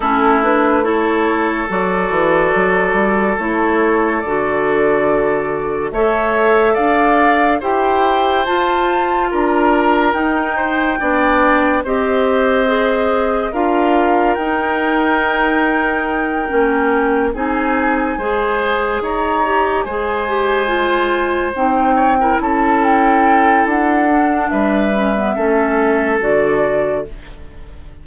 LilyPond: <<
  \new Staff \with { instrumentName = "flute" } { \time 4/4 \tempo 4 = 71 a'8 b'8 cis''4 d''2 | cis''4 d''2 e''4 | f''4 g''4 a''4 ais''4 | g''2 dis''2 |
f''4 g''2.~ | g''8 gis''2 ais''4 gis''8~ | gis''4. g''4 a''8 g''4 | fis''4 e''2 d''4 | }
  \new Staff \with { instrumentName = "oboe" } { \time 4/4 e'4 a'2.~ | a'2. cis''4 | d''4 c''2 ais'4~ | ais'8 c''8 d''4 c''2 |
ais'1~ | ais'8 gis'4 c''4 cis''4 c''8~ | c''2 cis''16 ais'16 a'4.~ | a'4 b'4 a'2 | }
  \new Staff \with { instrumentName = "clarinet" } { \time 4/4 cis'8 d'8 e'4 fis'2 | e'4 fis'2 a'4~ | a'4 g'4 f'2 | dis'4 d'4 g'4 gis'4 |
f'4 dis'2~ dis'8 cis'8~ | cis'8 dis'4 gis'4. g'8 gis'8 | g'8 f'4 dis'8. e'4.~ e'16~ | e'8 d'4 cis'16 b16 cis'4 fis'4 | }
  \new Staff \with { instrumentName = "bassoon" } { \time 4/4 a2 fis8 e8 fis8 g8 | a4 d2 a4 | d'4 e'4 f'4 d'4 | dis'4 b4 c'2 |
d'4 dis'2~ dis'8 ais8~ | ais8 c'4 gis4 dis'4 gis8~ | gis4. c'4 cis'4. | d'4 g4 a4 d4 | }
>>